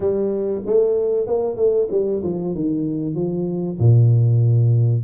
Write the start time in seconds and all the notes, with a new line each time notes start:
0.00 G3
0.65 A3
1.26 A#3
1.56 A3
1.90 G3
2.22 F3
2.54 D#3
3.14 F3
3.78 A#2